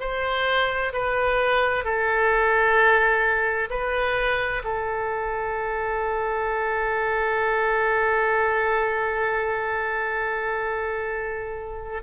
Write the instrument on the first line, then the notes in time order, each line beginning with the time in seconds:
oboe
0.00 C5
0.93 B4
1.84 A4
3.70 B4
4.64 A4